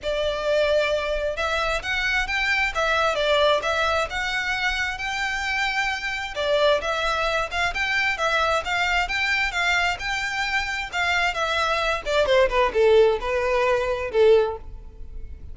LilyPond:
\new Staff \with { instrumentName = "violin" } { \time 4/4 \tempo 4 = 132 d''2. e''4 | fis''4 g''4 e''4 d''4 | e''4 fis''2 g''4~ | g''2 d''4 e''4~ |
e''8 f''8 g''4 e''4 f''4 | g''4 f''4 g''2 | f''4 e''4. d''8 c''8 b'8 | a'4 b'2 a'4 | }